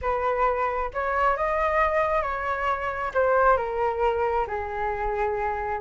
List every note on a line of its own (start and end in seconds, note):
0.01 0.91 B4
0.93 1.36 C#5
1.36 2.22 D#5
2.22 3.11 C#5
3.13 3.56 C5
3.56 4.46 A#4
4.47 5.81 G#4